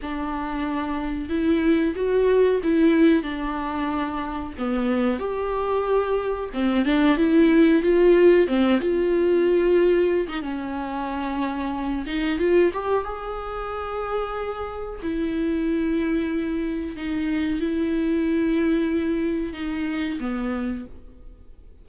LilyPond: \new Staff \with { instrumentName = "viola" } { \time 4/4 \tempo 4 = 92 d'2 e'4 fis'4 | e'4 d'2 b4 | g'2 c'8 d'8 e'4 | f'4 c'8 f'2~ f'16 dis'16 |
cis'2~ cis'8 dis'8 f'8 g'8 | gis'2. e'4~ | e'2 dis'4 e'4~ | e'2 dis'4 b4 | }